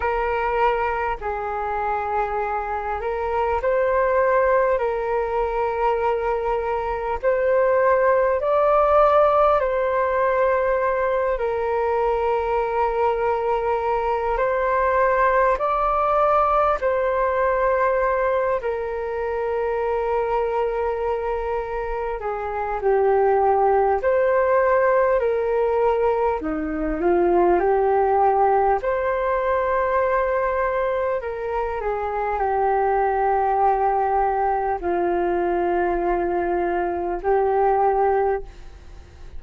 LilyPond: \new Staff \with { instrumentName = "flute" } { \time 4/4 \tempo 4 = 50 ais'4 gis'4. ais'8 c''4 | ais'2 c''4 d''4 | c''4. ais'2~ ais'8 | c''4 d''4 c''4. ais'8~ |
ais'2~ ais'8 gis'8 g'4 | c''4 ais'4 dis'8 f'8 g'4 | c''2 ais'8 gis'8 g'4~ | g'4 f'2 g'4 | }